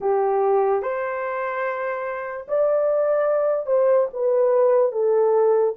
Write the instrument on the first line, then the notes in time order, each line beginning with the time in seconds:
horn
0.00 G4
0.82 C5
2.47 D5
3.66 C5
4.13 B4
4.92 A4